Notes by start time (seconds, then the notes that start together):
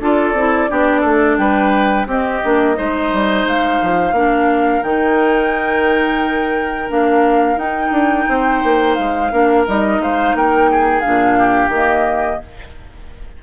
0.00 D4 F4 A4 D5
0.34 C4 E4
0.69 B3 D4 G4
1.01 A3 A4
1.38 G3 B4 G5
2.07 C4 G4 D#5
2.44 A#3 D4
2.76 G#3 D#4 C5
3.13 G3
3.45 G#3 F5
3.83 F3
4.13 A#3 D4 A#4
4.83 D#3 D#4 G5
6.89 A#3 D4 F5
7.57 D#4 G5
7.91 D4
8.29 C4 C5
8.64 A#3
8.95 G#3 F5
9.32 A#3 D4 A#4
9.68 G3 D#4 D#5
10.00 G#3 C5 F5
10.34 A#3 A#4 G5
10.71 G#4
11.01 A#2 D4 F5
11.39 G4
11.69 D#3 A#3 D#5